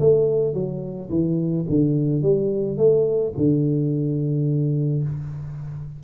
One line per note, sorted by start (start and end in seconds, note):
0.00 0.54 A3
0.54 1.09 F#3
1.10 1.66 E3
1.69 2.22 D3
2.22 2.78 G3
2.78 3.33 A3
3.37 5.04 D3